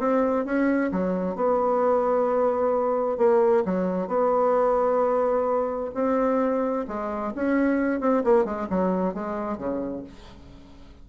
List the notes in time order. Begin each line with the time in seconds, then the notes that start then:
0.00 C4
0.46 C#4
0.92 F#3
1.36 B3
3.18 A#3
3.66 F#3
4.08 B3
5.95 C4
6.88 G#3
7.36 C#4
8.01 C4
8.25 A#3
8.45 G#3
8.70 F#3
9.15 G#3
9.58 C#3